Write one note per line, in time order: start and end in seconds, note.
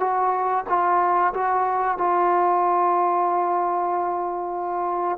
0.00 0.65 F#4
0.69 1.33 F4
1.34 1.98 F#4
1.98 5.18 F4